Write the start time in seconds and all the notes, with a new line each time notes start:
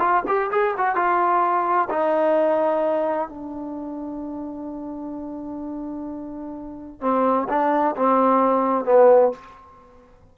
0.00 F4
0.28 G4
0.51 G#4
0.78 F#4
0.96 F4
1.90 D#4
3.29 D4
7.01 C4
7.49 D4
7.97 C4
8.85 B3